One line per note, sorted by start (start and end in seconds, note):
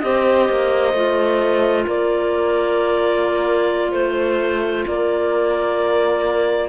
0.00 0.49 C4
0.00 0.94 G4
0.00 1.86 C5
0.00 1.85 D#5
0.49 0.93 A#3
0.93 1.86 A3
0.93 6.69 F4
1.86 3.92 A#3
1.86 3.94 A#4
1.86 3.92 D5
3.92 4.84 A3
3.92 4.84 C5
3.92 4.88 C5
4.87 6.69 A#3
4.87 6.69 A#4
4.87 6.69 D5